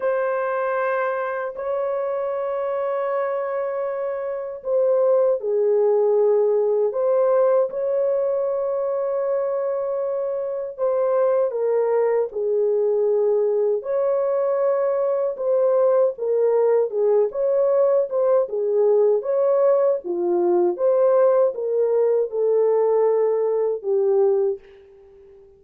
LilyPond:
\new Staff \with { instrumentName = "horn" } { \time 4/4 \tempo 4 = 78 c''2 cis''2~ | cis''2 c''4 gis'4~ | gis'4 c''4 cis''2~ | cis''2 c''4 ais'4 |
gis'2 cis''2 | c''4 ais'4 gis'8 cis''4 c''8 | gis'4 cis''4 f'4 c''4 | ais'4 a'2 g'4 | }